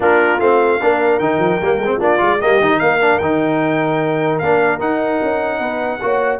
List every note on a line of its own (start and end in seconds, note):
0.00 0.39 A#3
0.00 0.39 D4
0.00 0.80 F4
0.00 0.40 A#4
0.39 0.79 A3
0.39 0.80 C4
0.39 1.19 F5
0.81 1.19 A#3
0.81 1.21 D4
0.81 1.97 A#4
1.19 1.38 D#3
1.19 1.61 D#4
1.19 1.99 G5
1.38 1.58 F3
1.61 1.78 G3
1.61 1.82 A#3
1.78 1.98 G#3
1.84 1.99 C4
1.97 2.19 A#3
1.97 2.18 D4
1.97 2.37 F4
1.97 2.41 D5
2.18 2.40 G#3
2.18 2.38 F4
2.39 2.60 G3
2.39 2.61 A#3
2.39 2.79 G4
2.39 2.79 D#5
2.60 2.80 D#3
2.60 3.00 D#4
2.79 3.20 A#3
2.79 5.59 A#4
2.79 3.18 F5
3.00 3.20 D4
3.18 4.40 D#3
3.18 4.42 D#4
3.18 4.38 G5
4.39 4.79 A#3
4.39 4.79 D4
4.39 4.79 F5
4.79 5.99 D#4
4.79 5.19 D#4
4.79 6.39 F#5
5.22 5.59 C#4
5.59 5.99 B3
5.59 5.99 B4
6.01 6.39 A#3
6.01 6.39 F#4
6.01 6.39 C#5